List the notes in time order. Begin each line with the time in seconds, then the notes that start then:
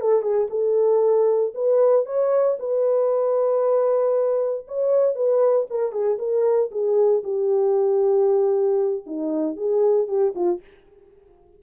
0.00 A4
0.21 G#4
0.50 A4
1.54 B4
2.05 C#5
2.59 B4
4.67 C#5
5.15 B4
5.69 A#4
5.92 G#4
6.18 A#4
6.71 G#4
7.23 G4
9.06 D#4
9.56 G#4
10.07 G4
10.34 F4